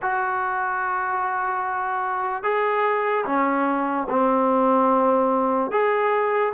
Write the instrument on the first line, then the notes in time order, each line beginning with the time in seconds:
trombone
0.02 F#4
2.43 G#4
3.25 C#4
4.09 C4
5.71 G#4